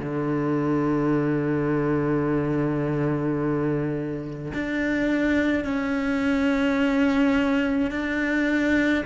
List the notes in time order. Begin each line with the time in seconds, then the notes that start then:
0.00 D3
4.54 D4
5.65 C#4
7.91 D4